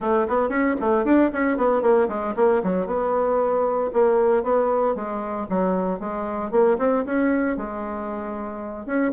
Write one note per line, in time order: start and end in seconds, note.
0.00 0.27 A3
0.28 0.49 B3
0.49 0.75 C#4
0.80 1.04 A3
1.04 1.30 D4
1.32 1.57 C#4
1.57 1.82 B3
1.82 2.08 A#3
2.08 2.34 G#3
2.35 2.62 A#3
2.63 2.86 F#3
2.86 3.90 B3
3.93 4.43 A#3
4.43 4.95 B3
4.95 5.47 G#3
5.49 5.99 F#3
5.99 6.51 G#3
6.51 6.77 A#3
6.78 7.04 C4
7.05 7.56 C#4
7.56 8.86 G#3
8.86 9.12 C#4